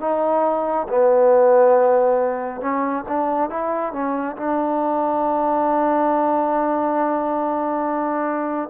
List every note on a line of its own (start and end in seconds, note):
0.00 0.87 D#4
0.89 2.61 B3
2.61 3.04 C#4
3.08 3.50 D4
3.50 3.92 E4
3.92 4.36 C#4
4.36 8.69 D4